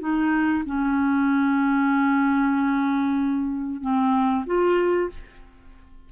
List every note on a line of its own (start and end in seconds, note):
0.00 0.64 D#4
0.66 3.82 C#4
3.82 4.45 C4
4.46 5.10 F4